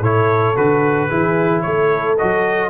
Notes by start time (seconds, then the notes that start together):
0.00 A2 E4 A4 C#5
0.55 D3 F#4 B4
1.08 E3 E4 G#4
1.61 A3 A4 C#5
2.18 F#3 F#4 D#5